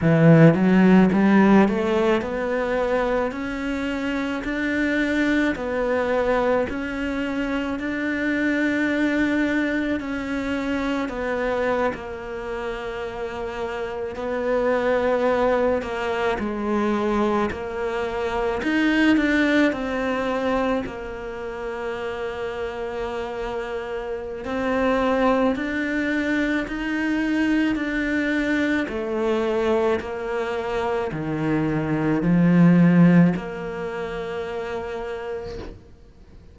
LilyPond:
\new Staff \with { instrumentName = "cello" } { \time 4/4 \tempo 4 = 54 e8 fis8 g8 a8 b4 cis'4 | d'4 b4 cis'4 d'4~ | d'4 cis'4 b8. ais4~ ais16~ | ais8. b4. ais8 gis4 ais16~ |
ais8. dis'8 d'8 c'4 ais4~ ais16~ | ais2 c'4 d'4 | dis'4 d'4 a4 ais4 | dis4 f4 ais2 | }